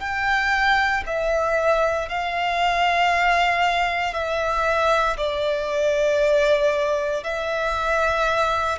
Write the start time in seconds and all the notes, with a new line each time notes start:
0.00 G5
1.06 E5
2.09 F5
4.13 E5
5.17 D5
7.24 E5